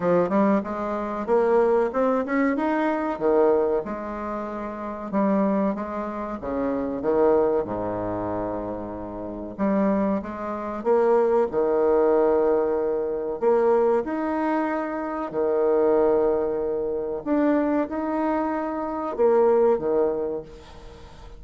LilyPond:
\new Staff \with { instrumentName = "bassoon" } { \time 4/4 \tempo 4 = 94 f8 g8 gis4 ais4 c'8 cis'8 | dis'4 dis4 gis2 | g4 gis4 cis4 dis4 | gis,2. g4 |
gis4 ais4 dis2~ | dis4 ais4 dis'2 | dis2. d'4 | dis'2 ais4 dis4 | }